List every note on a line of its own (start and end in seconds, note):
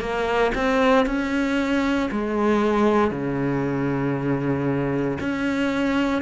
0.00 0.52 A#3
0.55 1.06 C4
1.06 2.09 C#4
2.12 3.11 G#3
3.11 5.18 C#3
5.20 6.22 C#4